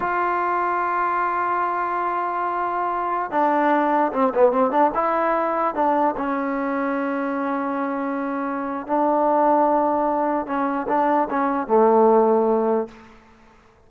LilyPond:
\new Staff \with { instrumentName = "trombone" } { \time 4/4 \tempo 4 = 149 f'1~ | f'1~ | f'16 d'2 c'8 b8 c'8 d'16~ | d'16 e'2 d'4 cis'8.~ |
cis'1~ | cis'2 d'2~ | d'2 cis'4 d'4 | cis'4 a2. | }